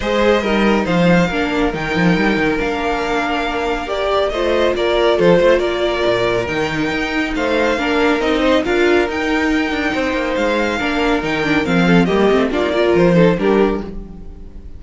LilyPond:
<<
  \new Staff \with { instrumentName = "violin" } { \time 4/4 \tempo 4 = 139 dis''2 f''2 | g''2 f''2~ | f''4 d''4 dis''4 d''4 | c''4 d''2 g''4~ |
g''4 f''2 dis''4 | f''4 g''2. | f''2 g''4 f''4 | dis''4 d''4 c''4 ais'4 | }
  \new Staff \with { instrumentName = "violin" } { \time 4/4 c''4 ais'4 c''4 ais'4~ | ais'1~ | ais'2 c''4 ais'4 | a'8 c''8 ais'2.~ |
ais'4 c''4 ais'4. c''8 | ais'2. c''4~ | c''4 ais'2~ ais'8 a'8 | g'4 f'8 ais'4 a'8 g'4 | }
  \new Staff \with { instrumentName = "viola" } { \time 4/4 gis'4 dis'2 d'4 | dis'2 d'2~ | d'4 g'4 f'2~ | f'2. dis'4~ |
dis'2 d'4 dis'4 | f'4 dis'2.~ | dis'4 d'4 dis'8 d'8 c'4 | ais8 c'8 d'16 dis'16 f'4 dis'8 d'4 | }
  \new Staff \with { instrumentName = "cello" } { \time 4/4 gis4 g4 f4 ais4 | dis8 f8 g8 dis8 ais2~ | ais2 a4 ais4 | f8 a8 ais4 ais,4 dis4 |
dis'4 a4 ais4 c'4 | d'4 dis'4. d'8 c'8 ais8 | gis4 ais4 dis4 f4 | g8 a8 ais4 f4 g4 | }
>>